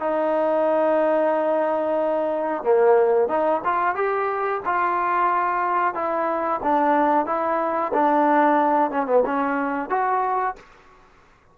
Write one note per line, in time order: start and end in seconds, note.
0.00 2.64 D#4
2.64 3.28 A#3
3.28 3.61 D#4
3.64 3.95 F4
3.95 4.61 G4
4.65 5.95 F4
5.95 6.61 E4
6.64 7.26 D4
7.26 7.92 E4
7.94 8.91 D4
8.91 9.07 C#4
9.07 9.23 B3
9.26 9.90 C#4
9.90 10.56 F#4